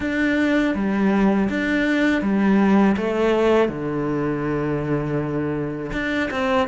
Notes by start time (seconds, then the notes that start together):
0.00 D4
0.74 G3
1.49 D4
2.22 G3
2.96 A3
3.68 D3
5.92 D4
6.31 C4